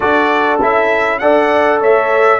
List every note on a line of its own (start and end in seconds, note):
0.00 0.61 D4
0.00 0.59 F#4
0.00 1.20 A4
0.00 0.60 D5
0.61 1.21 C#4
0.61 1.21 E4
0.61 1.18 E5
1.18 1.81 D4
1.18 2.39 A4
1.18 1.80 D5
1.18 1.79 F#5
1.80 2.39 A3
1.80 2.39 C#5
1.80 2.39 E5